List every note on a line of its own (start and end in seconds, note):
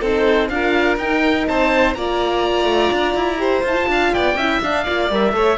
0.00 0.49 C4
0.00 0.51 D#4
0.00 0.48 A4
0.00 0.48 C5
0.48 0.97 D4
0.48 1.00 F4
0.48 1.48 A#4
0.48 0.97 F5
0.97 1.45 D#4
0.97 1.96 D#4
0.97 1.47 G5
1.47 1.95 C4
1.47 1.96 C5
1.47 1.94 A5
1.94 2.65 A#3
1.94 3.38 F4
1.94 3.40 D5
1.94 3.63 A#5
2.65 2.89 A3
2.92 3.14 D4
3.14 3.62 E4
3.38 3.62 G4
3.38 3.88 C5
3.63 3.76 E4
3.63 3.87 F4
3.63 4.13 A5
3.76 4.36 F4
3.87 4.11 D4
3.87 4.14 F5
4.13 4.35 B3
4.13 4.36 D5
4.13 4.61 G5
4.35 4.59 C#4
4.35 4.62 E4
4.35 4.84 E5
4.62 4.86 D4
4.62 5.10 F5
4.84 5.10 A#3
4.84 5.10 F4
4.84 5.32 D5
5.10 5.32 G3
5.10 5.33 A#4
5.10 5.58 E5
5.32 5.56 A3
5.32 5.57 A4
5.32 5.58 C#5